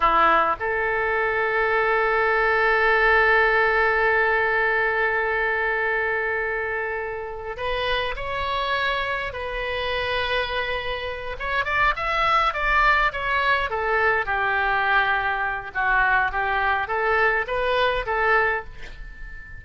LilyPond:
\new Staff \with { instrumentName = "oboe" } { \time 4/4 \tempo 4 = 103 e'4 a'2.~ | a'1~ | a'1~ | a'4 b'4 cis''2 |
b'2.~ b'8 cis''8 | d''8 e''4 d''4 cis''4 a'8~ | a'8 g'2~ g'8 fis'4 | g'4 a'4 b'4 a'4 | }